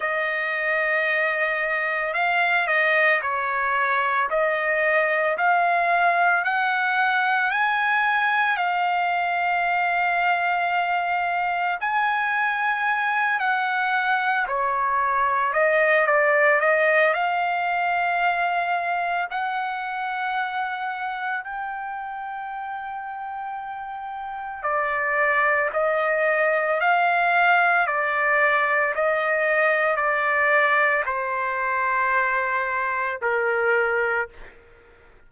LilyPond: \new Staff \with { instrumentName = "trumpet" } { \time 4/4 \tempo 4 = 56 dis''2 f''8 dis''8 cis''4 | dis''4 f''4 fis''4 gis''4 | f''2. gis''4~ | gis''8 fis''4 cis''4 dis''8 d''8 dis''8 |
f''2 fis''2 | g''2. d''4 | dis''4 f''4 d''4 dis''4 | d''4 c''2 ais'4 | }